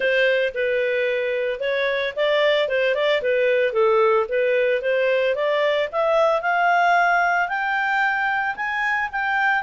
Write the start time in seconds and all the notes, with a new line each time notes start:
0.00 C5
0.54 B4
1.59 C#5
2.16 D5
2.68 C5
2.95 D5
3.21 B4
3.72 A4
4.29 B4
4.81 C5
5.35 D5
5.91 E5
6.41 F5
7.48 G5
8.55 G#5
9.11 G5